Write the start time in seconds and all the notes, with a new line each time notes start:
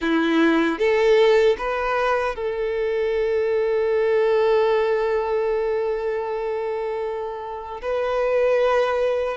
0.01 E4
0.78 A4
1.58 B4
2.35 A4
7.81 B4